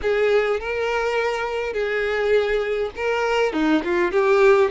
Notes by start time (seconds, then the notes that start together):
0.02 G#4
0.59 A#4
1.73 G#4
2.96 A#4
3.52 D#4
3.84 F4
4.11 G4